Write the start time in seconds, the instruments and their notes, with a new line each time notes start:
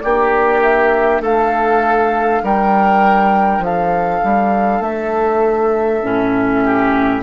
0.00 bassoon A#3, clarinet D4, oboe G4, flute D5
0.62 flute E5
1.21 bassoon A3, oboe A4, flute F5
2.43 bassoon G3, oboe A#4, flute G5
3.59 bassoon F3, oboe A4, flute F5
4.24 bassoon G3
4.80 bassoon A3, flute E5
6.02 bassoon A2, clarinet C#4
6.64 oboe G4